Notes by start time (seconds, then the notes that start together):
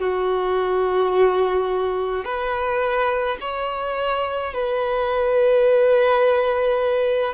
0.00 F#4
2.25 B4
3.41 C#5
4.54 B4